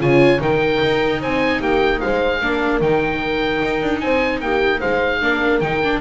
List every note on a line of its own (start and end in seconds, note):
0.00 0.41 C#3
0.00 0.39 F4
0.00 0.42 C#5
0.00 0.42 G#5
0.39 0.81 D#3
0.39 2.39 D#4
0.39 1.21 A#4
0.39 1.22 G5
0.84 1.23 D#4
1.21 1.61 C4
1.21 1.60 C5
1.21 1.62 G#5
1.60 2.01 A#3
1.60 2.00 G4
1.60 2.00 G5
2.00 2.42 G#3
2.00 2.42 C5
2.00 2.80 F5
2.42 2.81 A#3
2.42 2.83 D4
2.42 4.03 A#4
2.81 3.61 D#3
2.81 5.22 D#4
2.81 4.01 G5
3.63 3.83 D#4
3.83 4.02 D4
4.01 4.41 C4
4.01 4.43 C5
4.01 4.41 G#5
4.41 4.81 A#3
4.41 4.79 G4
4.41 4.81 G5
4.79 5.22 G#3
4.79 5.19 C5
4.79 5.61 F5
5.22 5.61 A#3
5.22 5.62 D4
5.22 6.01 A#4
5.61 6.01 D#3
5.61 5.83 D#4
5.61 6.01 G5
5.84 6.01 D4